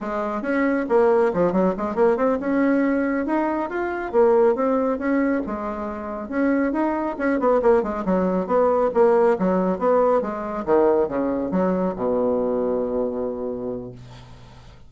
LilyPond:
\new Staff \with { instrumentName = "bassoon" } { \time 4/4 \tempo 4 = 138 gis4 cis'4 ais4 f8 fis8 | gis8 ais8 c'8 cis'2 dis'8~ | dis'8 f'4 ais4 c'4 cis'8~ | cis'8 gis2 cis'4 dis'8~ |
dis'8 cis'8 b8 ais8 gis8 fis4 b8~ | b8 ais4 fis4 b4 gis8~ | gis8 dis4 cis4 fis4 b,8~ | b,1 | }